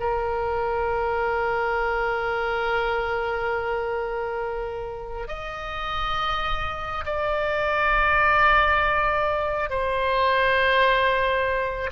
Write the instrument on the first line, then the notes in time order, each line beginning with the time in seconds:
oboe
0.00 A#4
5.28 D#5
7.05 D5
9.70 C5